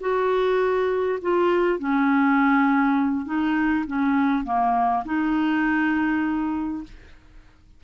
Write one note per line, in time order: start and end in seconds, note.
0.00 1.19 F#4
1.22 1.79 F4
1.79 3.25 C#4
3.25 3.85 D#4
3.87 4.44 C#4
4.44 5.04 A#3
5.05 6.83 D#4